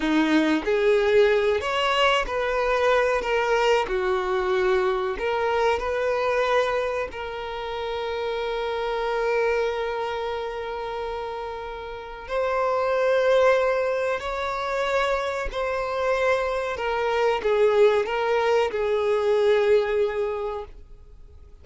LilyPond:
\new Staff \with { instrumentName = "violin" } { \time 4/4 \tempo 4 = 93 dis'4 gis'4. cis''4 b'8~ | b'4 ais'4 fis'2 | ais'4 b'2 ais'4~ | ais'1~ |
ais'2. c''4~ | c''2 cis''2 | c''2 ais'4 gis'4 | ais'4 gis'2. | }